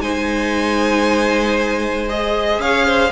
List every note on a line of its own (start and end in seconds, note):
0.00 2.58 G#3
0.00 2.09 D#4
0.00 2.61 C5
0.00 2.08 G#5
2.09 3.12 G#4
2.09 2.61 D#5
2.58 3.10 C#4
2.58 2.86 C#5
2.58 3.12 F5
2.86 3.12 C5